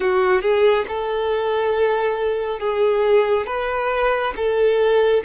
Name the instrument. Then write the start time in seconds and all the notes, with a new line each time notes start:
violin
0.00 F#4
0.41 G#4
0.88 A4
2.59 G#4
3.46 B4
4.36 A4